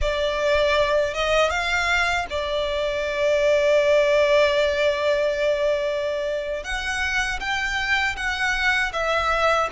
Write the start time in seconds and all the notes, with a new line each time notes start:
0.01 D5
1.14 D#5
1.49 F5
2.30 D5
6.63 F#5
7.40 G5
8.16 F#5
8.92 E5